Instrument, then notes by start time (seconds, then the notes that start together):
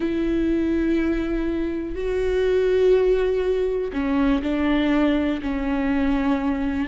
viola
0.00 E4
1.95 F#4
3.92 C#4
4.42 D4
5.42 C#4